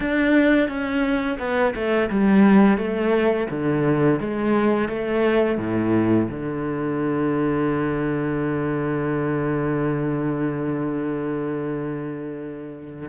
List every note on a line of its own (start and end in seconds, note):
0.00 0.68 D4
0.68 1.38 C#4
1.39 1.73 B3
1.74 2.09 A3
2.09 2.77 G3
2.77 3.47 A3
3.50 4.20 D3
4.20 4.88 G#3
4.88 5.58 A3
5.58 6.27 A2
6.29 13.08 D3